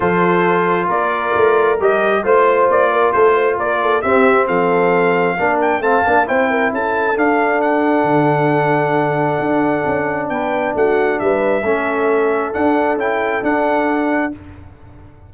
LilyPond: <<
  \new Staff \with { instrumentName = "trumpet" } { \time 4/4 \tempo 4 = 134 c''2 d''2 | dis''4 c''4 d''4 c''4 | d''4 e''4 f''2~ | f''8 g''8 a''4 g''4 a''4 |
f''4 fis''2.~ | fis''2. g''4 | fis''4 e''2. | fis''4 g''4 fis''2 | }
  \new Staff \with { instrumentName = "horn" } { \time 4/4 a'2 ais'2~ | ais'4 c''4. ais'8 a'8 c''8 | ais'8 a'8 g'4 a'2 | ais'4 f''4 c''8 ais'8 a'4~ |
a'1~ | a'2. b'4 | fis'4 b'4 a'2~ | a'1 | }
  \new Staff \with { instrumentName = "trombone" } { \time 4/4 f'1 | g'4 f'2.~ | f'4 c'2. | d'4 c'8 d'8 e'2 |
d'1~ | d'1~ | d'2 cis'2 | d'4 e'4 d'2 | }
  \new Staff \with { instrumentName = "tuba" } { \time 4/4 f2 ais4 a4 | g4 a4 ais4 a4 | ais4 c'4 f2 | ais4 a8 ais8 c'4 cis'4 |
d'2 d2~ | d4 d'4 cis'4 b4 | a4 g4 a2 | d'4 cis'4 d'2 | }
>>